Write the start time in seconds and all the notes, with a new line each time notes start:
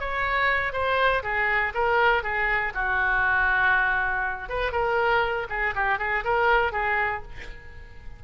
0.00 C#5
0.73 C5
1.23 G#4
1.75 A#4
2.23 G#4
2.75 F#4
4.49 B4
4.72 A#4
5.50 G#4
5.75 G4
5.99 G#4
6.25 A#4
6.72 G#4